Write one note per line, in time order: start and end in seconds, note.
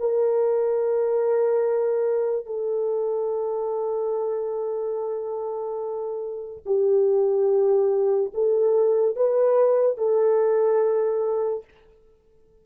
0.00 2.46 A#4
2.46 6.63 A4
6.66 8.32 G4
8.34 9.16 A4
9.16 9.98 B4
9.98 11.64 A4